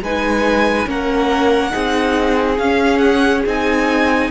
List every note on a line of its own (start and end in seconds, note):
0.00 0.86 G#3
0.00 0.85 D#4
0.00 0.88 B4
0.00 0.89 G#5
0.85 1.72 A#3
0.85 1.70 C#4
0.85 1.72 A#4
0.85 2.58 F#5
1.70 2.58 C4
1.70 2.56 D#4
1.70 4.29 G#4
2.58 3.44 C#4
2.58 3.46 C#4
2.58 2.98 F5
2.98 3.41 F#5
3.46 4.30 C4
3.46 4.30 D#4
3.46 4.30 G#5